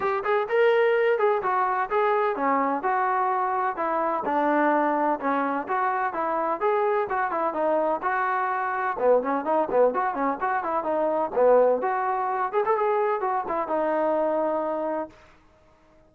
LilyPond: \new Staff \with { instrumentName = "trombone" } { \time 4/4 \tempo 4 = 127 g'8 gis'8 ais'4. gis'8 fis'4 | gis'4 cis'4 fis'2 | e'4 d'2 cis'4 | fis'4 e'4 gis'4 fis'8 e'8 |
dis'4 fis'2 b8 cis'8 | dis'8 b8 fis'8 cis'8 fis'8 e'8 dis'4 | b4 fis'4. gis'16 a'16 gis'4 | fis'8 e'8 dis'2. | }